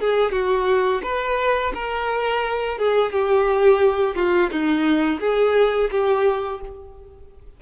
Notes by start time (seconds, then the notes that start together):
0.00 G#4
0.32 F#4
1.03 B4
1.74 A#4
2.78 G#4
3.12 G4
4.15 F4
4.51 D#4
5.20 G#4
5.91 G4